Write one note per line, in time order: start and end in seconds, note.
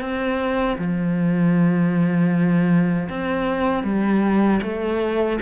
0.00 0.77 C4
0.78 3.09 F3
3.09 3.84 C4
3.84 4.60 G3
4.63 5.40 A3